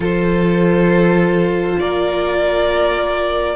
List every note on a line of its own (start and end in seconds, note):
0.00 1.76 F3
0.00 3.56 F4
0.00 1.79 A4
0.00 1.79 C5
1.79 3.56 A#3
1.79 3.56 A#4
1.79 3.56 D5